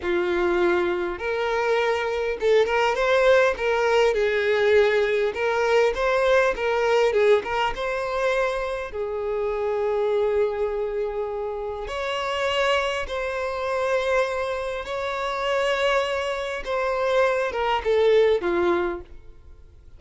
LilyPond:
\new Staff \with { instrumentName = "violin" } { \time 4/4 \tempo 4 = 101 f'2 ais'2 | a'8 ais'8 c''4 ais'4 gis'4~ | gis'4 ais'4 c''4 ais'4 | gis'8 ais'8 c''2 gis'4~ |
gis'1 | cis''2 c''2~ | c''4 cis''2. | c''4. ais'8 a'4 f'4 | }